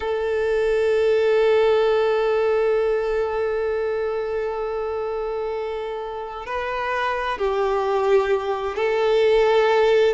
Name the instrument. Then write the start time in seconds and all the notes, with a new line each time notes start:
violin
0.00 A4
6.46 B4
7.38 G4
8.76 A4